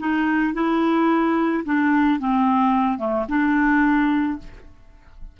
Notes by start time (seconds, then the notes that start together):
0.00 D#4
0.54 E4
1.65 D4
2.20 C4
2.99 A3
3.29 D4